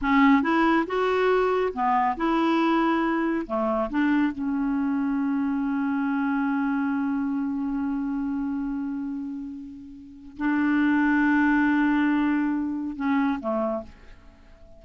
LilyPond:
\new Staff \with { instrumentName = "clarinet" } { \time 4/4 \tempo 4 = 139 cis'4 e'4 fis'2 | b4 e'2. | a4 d'4 cis'2~ | cis'1~ |
cis'1~ | cis'1 | d'1~ | d'2 cis'4 a4 | }